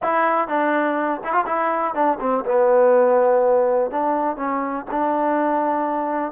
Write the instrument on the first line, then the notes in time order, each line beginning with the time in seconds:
trombone
0.02 E4
0.48 D4
1.24 E4
1.32 F4
1.46 E4
1.94 D4
2.20 C4
2.45 B3
3.90 D4
4.36 C#4
4.90 D4